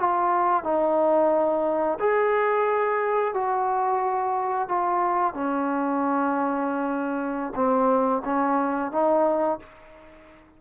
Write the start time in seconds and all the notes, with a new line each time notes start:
0.00 F4
0.64 D#4
2.00 G#4
3.34 F#4
4.69 F4
5.34 C#4
7.56 C4
8.25 C#4
8.92 D#4